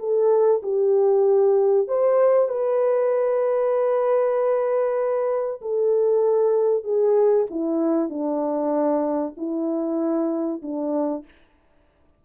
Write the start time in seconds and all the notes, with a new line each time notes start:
0.00 A4
0.63 G4
1.88 C5
2.49 B4
5.62 A4
6.84 G#4
7.51 E4
8.10 D4
9.37 E4
10.63 D4